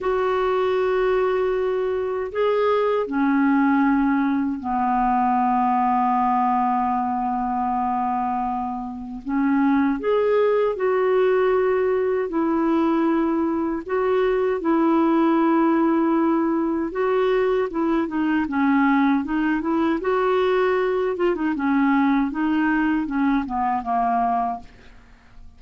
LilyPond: \new Staff \with { instrumentName = "clarinet" } { \time 4/4 \tempo 4 = 78 fis'2. gis'4 | cis'2 b2~ | b1 | cis'4 gis'4 fis'2 |
e'2 fis'4 e'4~ | e'2 fis'4 e'8 dis'8 | cis'4 dis'8 e'8 fis'4. f'16 dis'16 | cis'4 dis'4 cis'8 b8 ais4 | }